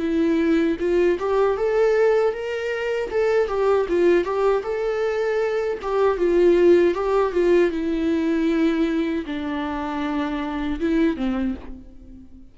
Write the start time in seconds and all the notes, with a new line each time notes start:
0.00 E4
0.80 F4
1.20 G4
1.58 A4
2.33 A#4
3.11 A4
3.48 G4
3.89 F4
4.25 G4
4.64 A4
5.83 G4
6.18 F4
6.95 G4
7.33 F4
7.71 E4
9.26 D4
10.80 E4
11.17 C4